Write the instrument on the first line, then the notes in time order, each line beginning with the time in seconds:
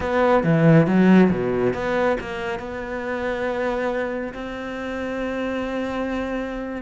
cello
0.00 B3
0.43 E3
0.86 F#3
1.30 B2
1.73 B3
2.20 A#3
2.59 B3
4.33 C4